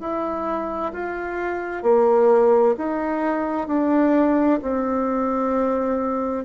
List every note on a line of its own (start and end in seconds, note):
0.00 0.92 E4
0.93 1.83 F4
1.83 2.75 A#3
2.78 3.68 D#4
3.68 4.60 D4
4.62 6.45 C4